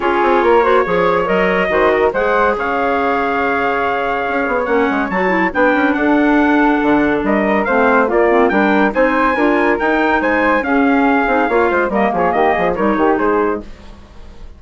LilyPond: <<
  \new Staff \with { instrumentName = "trumpet" } { \time 4/4 \tempo 4 = 141 cis''2. dis''4~ | dis''4 fis''4 f''2~ | f''2. fis''4 | a''4 g''4 fis''2~ |
fis''4 dis''4 f''4 d''4 | g''4 gis''2 g''4 | gis''4 f''2. | dis''8 cis''8 dis''4 cis''4 c''4 | }
  \new Staff \with { instrumentName = "flute" } { \time 4/4 gis'4 ais'8 c''8 cis''2 | c''8 ais'8 c''4 cis''2~ | cis''1~ | cis''4 b'4 a'2~ |
a'4 ais'4 c''4 f'4 | ais'4 c''4 ais'2 | c''4 gis'2 cis''8 c''8 | ais'8 gis'8 g'8 gis'8 ais'8 g'8 gis'4 | }
  \new Staff \with { instrumentName = "clarinet" } { \time 4/4 f'4. fis'8 gis'4 ais'4 | fis'4 gis'2.~ | gis'2. cis'4 | fis'8 e'8 d'2.~ |
d'2 c'4 ais8 c'8 | d'4 dis'4 f'4 dis'4~ | dis'4 cis'4. dis'8 f'4 | ais2 dis'2 | }
  \new Staff \with { instrumentName = "bassoon" } { \time 4/4 cis'8 c'8 ais4 f4 fis4 | dis4 gis4 cis2~ | cis2 cis'8 b8 ais8 gis8 | fis4 b8 cis'8 d'2 |
d4 g4 a4 ais4 | g4 c'4 d'4 dis'4 | gis4 cis'4. c'8 ais8 gis8 | g8 f8 dis8 f8 g8 dis8 gis4 | }
>>